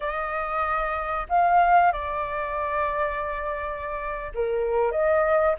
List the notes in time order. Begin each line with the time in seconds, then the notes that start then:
0.00 D#5
1.29 F5
1.92 D5
4.34 A#4
4.91 D#5